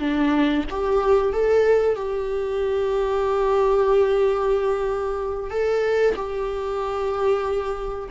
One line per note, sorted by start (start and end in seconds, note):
0.00 0.65 D4
0.70 1.33 G4
1.33 1.96 A4
1.96 5.51 G4
5.51 6.15 A4
6.16 8.09 G4